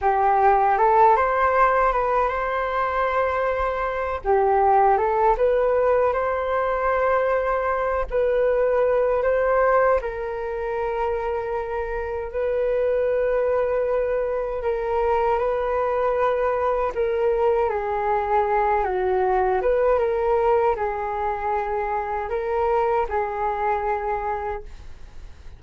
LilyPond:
\new Staff \with { instrumentName = "flute" } { \time 4/4 \tempo 4 = 78 g'4 a'8 c''4 b'8 c''4~ | c''4. g'4 a'8 b'4 | c''2~ c''8 b'4. | c''4 ais'2. |
b'2. ais'4 | b'2 ais'4 gis'4~ | gis'8 fis'4 b'8 ais'4 gis'4~ | gis'4 ais'4 gis'2 | }